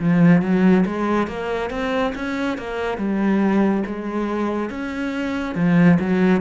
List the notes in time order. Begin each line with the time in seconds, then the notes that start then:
0.00 F3
0.42 F#3
0.86 G#3
1.28 A#3
1.71 C4
2.15 C#4
2.58 A#3
2.98 G3
3.86 G#3
4.70 C#4
5.55 F3
6.00 F#3